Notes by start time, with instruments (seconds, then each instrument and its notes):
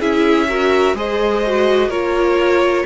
0.00 cello C#4, viola E4, violin G#4 E5
0.49 viola F#4, violin A#4
0.94 cello G#3, viola G#4, violin C5 D#5
1.47 viola F#4
1.89 cello A#3, viola F4, violin A#4 C#5